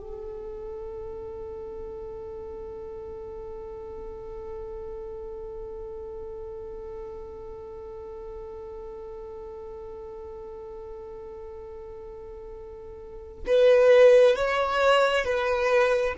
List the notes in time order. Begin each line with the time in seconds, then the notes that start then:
0.00 A4
13.47 B4
14.36 C#5
15.24 B4